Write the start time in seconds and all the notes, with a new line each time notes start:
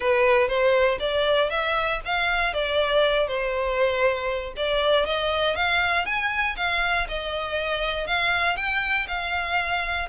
0.00 B4
0.48 C5
0.99 D5
1.50 E5
2.05 F5
2.53 D5
3.27 C5
4.56 D5
5.05 D#5
5.55 F5
6.05 G#5
6.56 F5
7.08 D#5
8.06 F5
8.56 G5
9.07 F5